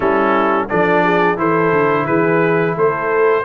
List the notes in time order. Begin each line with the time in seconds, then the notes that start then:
0.00 G3 C#4 E4 A4
0.69 F3 D4 A4 D5
1.03 G#4
1.36 E3 E4 A4 C5
1.72 D3
2.05 E3 G#4 B4
2.75 A3 A4 C5